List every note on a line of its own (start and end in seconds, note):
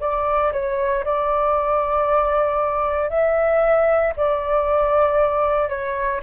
0.00 0.52 D5
0.52 1.03 C#5
1.04 3.09 D5
3.09 4.13 E5
4.16 5.68 D5
5.68 6.20 C#5